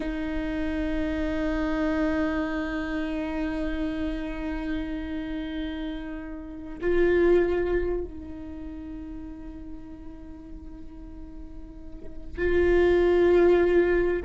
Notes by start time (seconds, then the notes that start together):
0.00 D#4
6.81 F4
8.04 D#4
12.37 F4